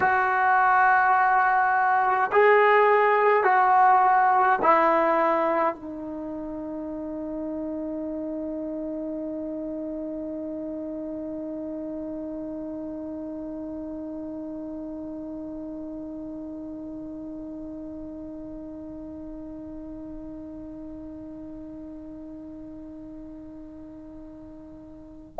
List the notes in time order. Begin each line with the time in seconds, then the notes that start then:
0.00 F#4
2.31 G#4
3.43 F#4
4.62 E4
5.75 D#4